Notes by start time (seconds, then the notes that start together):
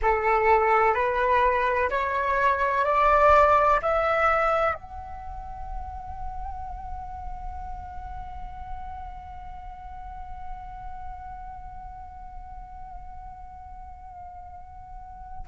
0.02 A4
0.94 B4
1.90 C#5
2.84 D5
3.82 E5
4.74 F#5